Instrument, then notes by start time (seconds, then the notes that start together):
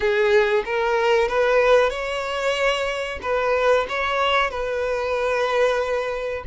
violin
0.00 G#4
0.65 A#4
1.28 B4
1.90 C#5
3.21 B4
3.88 C#5
4.50 B4